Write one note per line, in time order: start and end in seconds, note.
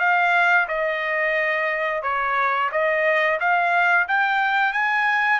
0.00 0.67 F5
0.68 2.03 D#5
2.03 2.70 C#5
2.72 3.40 D#5
3.40 4.08 F5
4.08 4.73 G5
4.73 5.40 G#5